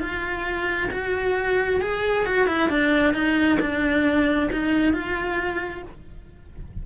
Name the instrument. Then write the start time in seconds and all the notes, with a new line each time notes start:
cello
0.00 F4
0.91 F#4
1.81 G#4
2.26 F#4
2.47 E4
2.69 D4
3.13 D#4
3.60 D4
4.52 D#4
4.93 F4